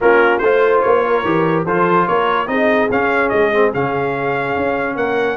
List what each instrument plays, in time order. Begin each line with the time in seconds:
0.00 tuba A#3, trombone C#4, horn F4, trumpet A#4
0.38 tuba A3, trumpet C5, horn C5
0.44 trombone F4
0.81 tuba A#3, trumpet C#5
1.04 horn A#4
1.24 tuba E3, trombone G4
1.64 tuba F3, trombone F4, horn A4, trumpet C5
2.07 tuba A#3, horn A#4, trumpet C#5
2.47 tuba C4, trombone D#4, horn G#4, trumpet D#5
2.90 tuba C#4, trombone C#4, trumpet F5
3.29 tuba G#3, trumpet D#5
3.52 trombone C4
3.73 tuba C#3, trombone C#4, trumpet F5
4.55 tuba C#4
4.95 tuba A#3, horn A#4, trumpet F#5